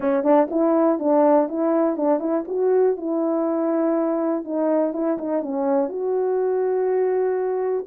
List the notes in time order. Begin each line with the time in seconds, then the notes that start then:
0.00 C#4
0.23 D4
0.50 E4
0.99 D4
1.48 E4
1.96 D4
2.19 E4
2.47 F#4
2.96 E4
4.44 D#4
4.93 E4
5.18 D#4
5.42 C#4
5.89 F#4